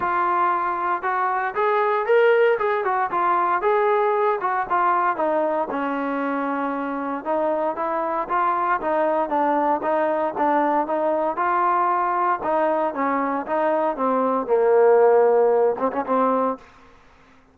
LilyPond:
\new Staff \with { instrumentName = "trombone" } { \time 4/4 \tempo 4 = 116 f'2 fis'4 gis'4 | ais'4 gis'8 fis'8 f'4 gis'4~ | gis'8 fis'8 f'4 dis'4 cis'4~ | cis'2 dis'4 e'4 |
f'4 dis'4 d'4 dis'4 | d'4 dis'4 f'2 | dis'4 cis'4 dis'4 c'4 | ais2~ ais8 c'16 cis'16 c'4 | }